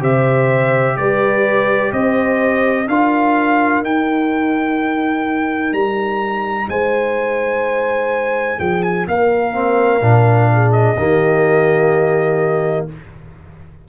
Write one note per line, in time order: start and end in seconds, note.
0.00 0.96 C3
0.00 2.86 G4
0.00 0.97 C5
0.00 0.97 E5
0.97 1.92 G3
0.97 1.93 B4
0.97 1.92 D5
1.92 2.87 C4
1.92 2.89 C5
1.92 2.88 D#5
2.87 3.82 D4
2.87 3.84 F4
2.87 6.69 A#4
2.87 3.84 F5
3.82 5.72 D#4
3.82 9.53 D#4
3.82 5.73 G5
5.72 6.68 G3
5.72 6.68 A#5
6.68 8.59 G#3
6.68 8.59 C5
6.68 8.60 G#5
8.59 9.07 F3
8.59 9.06 G#4
8.59 8.82 G5
8.82 9.06 G#5
9.07 10.01 A#3
9.07 10.52 A#4
9.07 10.72 F5
9.53 10.00 C4
10.01 10.96 A#2
10.01 10.96 D4
10.53 10.97 G#4
10.72 12.86 D#5
10.97 12.87 D#3
10.97 12.88 A#3
10.97 12.88 G4